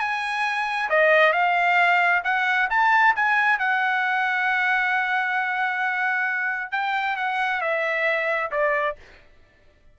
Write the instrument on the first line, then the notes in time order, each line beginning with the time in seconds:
trumpet
0.00 G#5
0.90 D#5
1.33 F5
2.24 F#5
2.70 A5
3.16 G#5
3.59 F#5
6.72 G5
7.17 F#5
7.61 E5
8.52 D5